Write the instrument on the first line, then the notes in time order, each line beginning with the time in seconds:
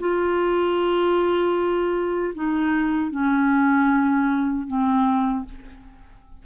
clarinet
0.00 F4
2.35 D#4
3.11 C#4
4.67 C4